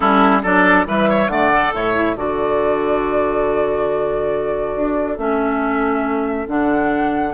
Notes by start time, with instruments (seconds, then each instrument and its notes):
0.00 bassoon G3, clarinet C#4, oboe E4, flute A4
0.42 bassoon F#3, clarinet D4, oboe A4, flute D5
0.85 bassoon E3, clarinet G3, oboe B4, flute E5
1.09 oboe C#5
1.27 bassoon D3, clarinet A3, oboe D5, flute F#5
1.52 clarinet A4
1.73 bassoon A2, oboe C#5, flute E5
1.94 clarinet E4
2.16 bassoon D3, clarinet F#4, oboe A4, flute D5
4.75 bassoon D4
5.17 bassoon A3, clarinet C#4, flute E5
6.47 bassoon D3, clarinet D4, flute F#5